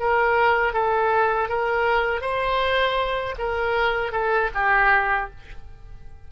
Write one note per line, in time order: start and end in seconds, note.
0.00 0.74 A#4
0.74 1.49 A4
1.49 2.22 A#4
2.22 3.36 C5
3.39 4.12 A#4
4.12 4.50 A4
4.55 5.31 G4